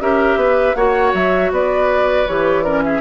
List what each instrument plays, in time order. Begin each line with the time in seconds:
0.00 bassoon C#4, clarinet G4, oboe A#4, flute E5
0.36 bassoon B3, oboe B4
0.75 bassoon A#3, clarinet F#4, oboe C#5, flute F#5
1.14 bassoon F#3, flute E5
1.51 bassoon B3, oboe B4, flute D5
2.27 bassoon E3, clarinet G4, flute C#5
2.63 clarinet C#4, oboe A#4, flute D5
2.83 oboe G#4, flute E5